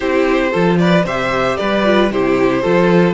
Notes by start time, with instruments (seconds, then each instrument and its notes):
0.00 cello C4, viola E4, violin G4 C5
0.51 cello F3, viola F4, violin A4
0.78 violin B4 D5
1.04 cello C3, viola G4, violin C5 E5
1.56 cello G3, violin B4 D5
1.84 viola F4
2.11 cello C3, viola E4, violin G4 C5
2.62 cello F3, viola F4, violin A4